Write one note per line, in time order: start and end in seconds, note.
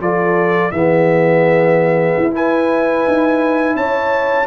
0.00 0.71 F3
0.00 0.72 F4
0.00 0.73 A4
0.00 0.72 D5
0.72 2.15 E3
0.72 2.31 B3
0.72 2.34 G#4
0.72 2.32 E5
2.18 3.07 E4
2.31 4.46 E4
2.31 3.76 B4
2.31 3.76 G#5
3.08 3.76 D#4
3.76 4.47 C#4
3.76 4.47 C#5
3.76 4.47 A5